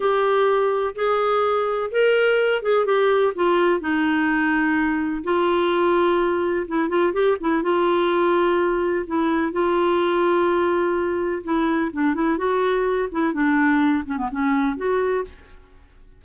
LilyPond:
\new Staff \with { instrumentName = "clarinet" } { \time 4/4 \tempo 4 = 126 g'2 gis'2 | ais'4. gis'8 g'4 f'4 | dis'2. f'4~ | f'2 e'8 f'8 g'8 e'8 |
f'2. e'4 | f'1 | e'4 d'8 e'8 fis'4. e'8 | d'4. cis'16 b16 cis'4 fis'4 | }